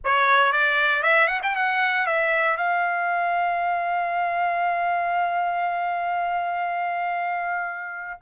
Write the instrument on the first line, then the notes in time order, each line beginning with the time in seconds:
trumpet
0.04 C#5
0.52 D5
1.02 E5
1.27 F#5
1.42 G5
1.55 F#5
2.06 E5
2.56 F5